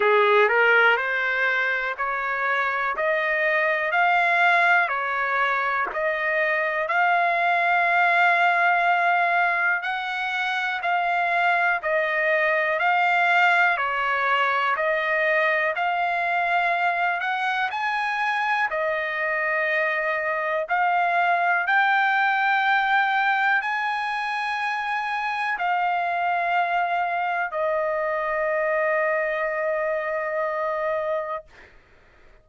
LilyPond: \new Staff \with { instrumentName = "trumpet" } { \time 4/4 \tempo 4 = 61 gis'8 ais'8 c''4 cis''4 dis''4 | f''4 cis''4 dis''4 f''4~ | f''2 fis''4 f''4 | dis''4 f''4 cis''4 dis''4 |
f''4. fis''8 gis''4 dis''4~ | dis''4 f''4 g''2 | gis''2 f''2 | dis''1 | }